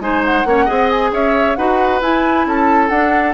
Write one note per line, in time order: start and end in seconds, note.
0.00 0.45 G#3
0.00 0.46 D#4
0.00 0.48 C5
0.00 0.24 G#5
0.25 0.91 F#5
0.46 0.68 A#3
0.46 0.67 C#4
0.46 0.65 C#5
0.65 1.12 C4
0.65 1.57 G#4
0.65 1.10 D#5
0.91 1.13 G#5
1.12 1.57 C#4
1.12 1.58 C#5
1.12 1.56 E5
1.56 2.02 D#4
1.56 2.01 F#4
1.56 2.47 B4
1.56 2.01 F#5
2.01 2.91 E4
2.01 2.46 E4
2.01 2.47 G#5
2.46 2.90 C#4
2.46 3.34 A4
2.46 2.89 A5
2.89 3.34 D4
2.89 3.34 F#5